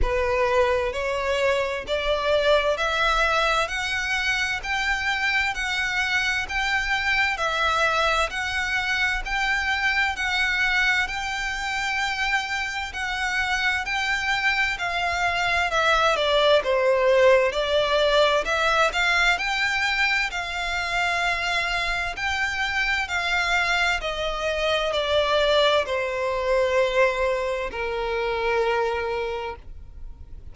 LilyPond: \new Staff \with { instrumentName = "violin" } { \time 4/4 \tempo 4 = 65 b'4 cis''4 d''4 e''4 | fis''4 g''4 fis''4 g''4 | e''4 fis''4 g''4 fis''4 | g''2 fis''4 g''4 |
f''4 e''8 d''8 c''4 d''4 | e''8 f''8 g''4 f''2 | g''4 f''4 dis''4 d''4 | c''2 ais'2 | }